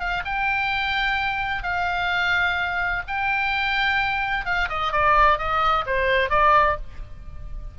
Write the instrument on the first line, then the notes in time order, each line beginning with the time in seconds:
oboe
0.00 F5
0.25 G5
1.63 F5
3.08 G5
4.45 F5
4.69 D#5
4.93 D5
5.38 D#5
5.86 C5
6.30 D5